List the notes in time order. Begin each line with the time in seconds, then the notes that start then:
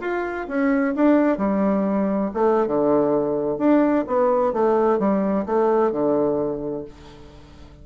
0.00 F4
0.47 C#4
0.95 D4
1.38 G3
2.33 A3
2.67 D3
3.58 D4
4.07 B3
4.53 A3
4.99 G3
5.46 A3
5.91 D3